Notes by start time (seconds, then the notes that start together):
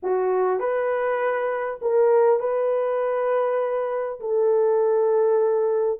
0.02 F#4
0.59 B4
1.81 A#4
2.39 B4
4.19 A4